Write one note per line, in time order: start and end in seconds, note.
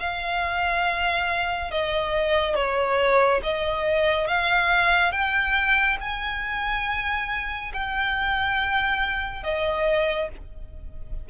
0.00 1.71 F5
1.71 2.56 D#5
2.56 3.41 C#5
3.43 4.28 D#5
4.28 5.12 F5
5.12 5.98 G5
6.01 7.73 G#5
7.74 9.44 G5
9.44 10.29 D#5